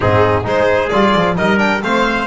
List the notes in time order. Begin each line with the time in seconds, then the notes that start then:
0.00 G#2 C4 D#4 G#4
0.43 G#3 D#4 G#4 C5
0.89 G3 F4 D5
1.15 F3
1.36 G3 D#4 A#4 D#5
1.57 D4 G5
1.82 A3 C4 C5 F5